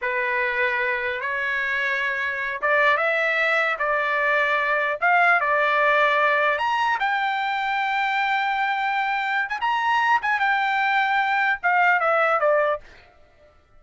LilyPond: \new Staff \with { instrumentName = "trumpet" } { \time 4/4 \tempo 4 = 150 b'2. cis''4~ | cis''2~ cis''8 d''4 e''8~ | e''4. d''2~ d''8~ | d''8 f''4 d''2~ d''8~ |
d''8 ais''4 g''2~ g''8~ | g''2.~ g''8. gis''16 | ais''4. gis''8 g''2~ | g''4 f''4 e''4 d''4 | }